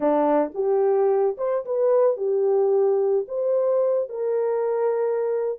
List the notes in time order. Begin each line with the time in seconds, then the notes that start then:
0.00 D4
0.54 G4
1.37 C5
1.65 B4
2.16 G4
3.28 C5
4.09 A#4